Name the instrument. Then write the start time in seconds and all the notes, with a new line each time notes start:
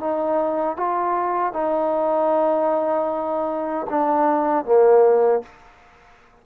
trombone
0.00 D#4
0.77 F4
1.53 D#4
3.90 D4
4.65 A#3